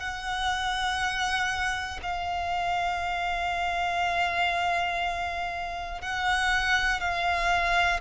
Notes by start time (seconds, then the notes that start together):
0.00 F#5
2.02 F5
6.01 F#5
7.00 F5